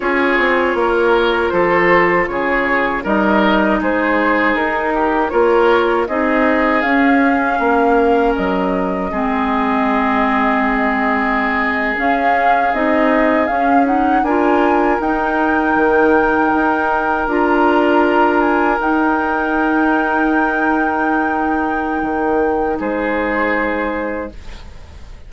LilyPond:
<<
  \new Staff \with { instrumentName = "flute" } { \time 4/4 \tempo 4 = 79 cis''2 c''4 cis''4 | dis''4 c''4 ais'4 cis''4 | dis''4 f''2 dis''4~ | dis''2.~ dis''8. f''16~ |
f''8. dis''4 f''8 fis''8 gis''4 g''16~ | g''2~ g''8. ais''4~ ais''16~ | ais''16 gis''8 g''2.~ g''16~ | g''2 c''2 | }
  \new Staff \with { instrumentName = "oboe" } { \time 4/4 gis'4 ais'4 a'4 gis'4 | ais'4 gis'4. g'8 ais'4 | gis'2 ais'2 | gis'1~ |
gis'2~ gis'8. ais'4~ ais'16~ | ais'1~ | ais'1~ | ais'2 gis'2 | }
  \new Staff \with { instrumentName = "clarinet" } { \time 4/4 f'1 | dis'2. f'4 | dis'4 cis'2. | c'2.~ c'8. cis'16~ |
cis'8. dis'4 cis'8 dis'8 f'4 dis'16~ | dis'2~ dis'8. f'4~ f'16~ | f'8. dis'2.~ dis'16~ | dis'1 | }
  \new Staff \with { instrumentName = "bassoon" } { \time 4/4 cis'8 c'8 ais4 f4 cis4 | g4 gis4 dis'4 ais4 | c'4 cis'4 ais4 fis4 | gis2.~ gis8. cis'16~ |
cis'8. c'4 cis'4 d'4 dis'16~ | dis'8. dis4 dis'4 d'4~ d'16~ | d'8. dis'2.~ dis'16~ | dis'4 dis4 gis2 | }
>>